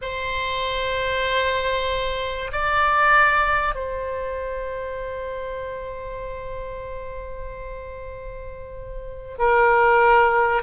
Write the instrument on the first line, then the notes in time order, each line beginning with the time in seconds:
oboe
0.01 C5
2.51 D5
3.74 C5
9.38 A#4